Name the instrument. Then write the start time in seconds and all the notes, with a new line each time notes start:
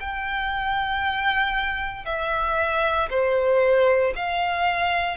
violin
0.00 G5
2.05 E5
3.10 C5
4.16 F5